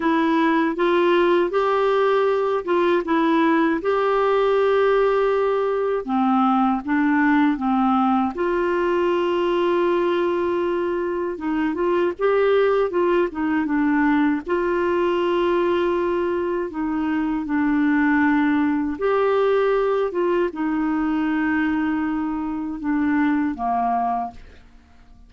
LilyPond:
\new Staff \with { instrumentName = "clarinet" } { \time 4/4 \tempo 4 = 79 e'4 f'4 g'4. f'8 | e'4 g'2. | c'4 d'4 c'4 f'4~ | f'2. dis'8 f'8 |
g'4 f'8 dis'8 d'4 f'4~ | f'2 dis'4 d'4~ | d'4 g'4. f'8 dis'4~ | dis'2 d'4 ais4 | }